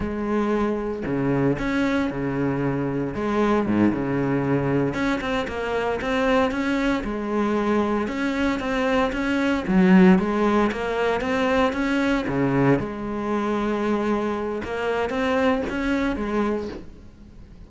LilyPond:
\new Staff \with { instrumentName = "cello" } { \time 4/4 \tempo 4 = 115 gis2 cis4 cis'4 | cis2 gis4 gis,8 cis8~ | cis4. cis'8 c'8 ais4 c'8~ | c'8 cis'4 gis2 cis'8~ |
cis'8 c'4 cis'4 fis4 gis8~ | gis8 ais4 c'4 cis'4 cis8~ | cis8 gis2.~ gis8 | ais4 c'4 cis'4 gis4 | }